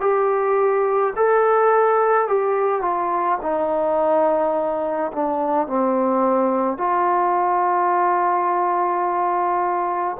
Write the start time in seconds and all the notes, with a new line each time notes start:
0.00 G4
1.16 A4
2.27 G4
2.81 F4
3.42 D#4
5.12 D4
5.67 C4
6.77 F4